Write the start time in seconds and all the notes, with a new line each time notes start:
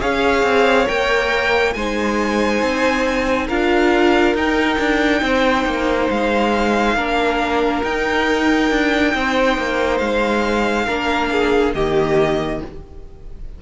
0.00 C#4 G#4 C#5 F5
0.43 C4
0.86 A#3 A#4 G5
1.73 G#3 D#4 C5 G#5
2.62 C4
3.47 D4 F4 A#4 F5
4.34 D#4 G5
4.78 D4
5.22 C4 C5
5.65 A#3
6.10 G#3 F5
6.95 A#3 D4 A#4
7.83 D#4 G5
8.70 D4
9.14 C4 C5
9.57 A#3
9.98 G#3 F5
10.86 A#3 D4 A#4
11.32 G#4
11.74 D#3 A#3 G4 D#5